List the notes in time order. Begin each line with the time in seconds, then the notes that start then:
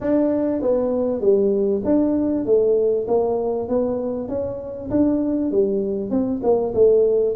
0.00 D4
0.61 B3
1.21 G3
1.84 D4
2.45 A3
3.07 A#3
3.68 B3
4.28 C#4
4.90 D4
5.51 G3
6.10 C4
6.43 A#3
6.74 A3